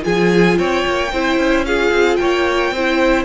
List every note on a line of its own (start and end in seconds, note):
0.00 0.58 F3
0.00 1.07 F4
0.00 0.58 G#4
0.00 0.58 G#5
0.58 0.84 C4
0.58 1.12 C#5
0.58 1.65 G5
0.86 1.12 A#3
1.12 1.36 C4
1.12 1.67 E4
1.12 1.66 C5
1.36 1.90 C#4
1.65 2.74 F4
1.65 2.20 G#4
1.65 2.16 F5
1.90 2.17 C4
2.16 2.71 A#3
2.16 2.73 C#5
2.16 3.23 G5
2.71 3.25 C4
2.71 3.25 E4
2.71 3.25 C5